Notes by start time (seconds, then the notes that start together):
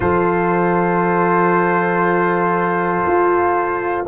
0.00 F3 F4 A4 C5
3.06 F4